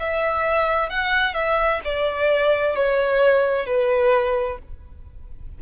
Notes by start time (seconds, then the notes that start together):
0.00 E5
0.90 F#5
1.35 E5
1.85 D5
2.76 C#5
3.66 B4